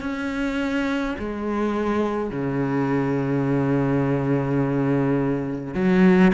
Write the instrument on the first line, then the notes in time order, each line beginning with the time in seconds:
cello
0.00 C#4
1.19 G#3
2.30 C#3
5.74 F#3